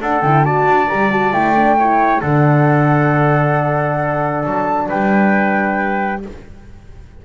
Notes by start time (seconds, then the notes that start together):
0.00 D4 A4 F#5
0.22 D3 E4 G5
0.43 F#4 D5 A5
0.66 D4
0.88 G3 G4 A#5
1.11 F#4 A5
1.32 A3 E4 G5
1.56 D4
1.79 E4 C#5
2.20 D3 D4 A4 F#5
4.45 F#3 A5
4.89 G3 B4 G5